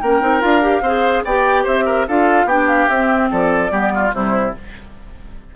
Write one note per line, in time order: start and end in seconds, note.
0.00 0.21 A#3
0.00 0.21 C#4
0.00 0.82 A#4
0.00 0.41 G5
0.21 0.42 C4
0.21 0.40 D#4
0.40 0.81 D4
0.40 0.61 F4
0.40 1.23 F5
0.61 0.82 G4
0.81 1.22 C4
0.81 1.26 G#4
0.81 1.23 C5
1.24 1.66 B3
1.24 2.08 G4
1.24 1.63 D5
1.24 1.65 G5
1.63 2.08 C4
1.63 1.84 C5
1.63 2.07 E5
1.86 2.06 A#4
2.08 2.45 D4
2.08 2.49 F4
2.08 2.46 A4
2.08 2.48 F5
2.45 2.86 B3
2.45 2.89 D4
2.45 3.29 G4
2.45 2.68 G5
2.68 2.88 F5
2.88 3.70 C4
2.88 3.30 C4
2.88 3.30 E5
3.31 3.71 F3
3.31 3.71 A4
3.31 4.13 D5
3.70 4.12 G3
3.70 4.11 B3
3.70 3.92 G4
3.94 4.14 F4
4.12 4.54 C3
4.12 4.53 G3
4.12 4.55 E4
4.12 4.54 C5